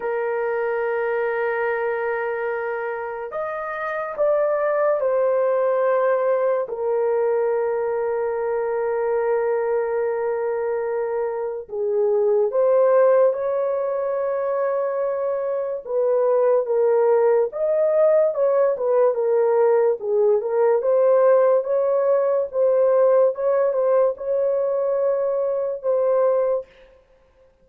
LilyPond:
\new Staff \with { instrumentName = "horn" } { \time 4/4 \tempo 4 = 72 ais'1 | dis''4 d''4 c''2 | ais'1~ | ais'2 gis'4 c''4 |
cis''2. b'4 | ais'4 dis''4 cis''8 b'8 ais'4 | gis'8 ais'8 c''4 cis''4 c''4 | cis''8 c''8 cis''2 c''4 | }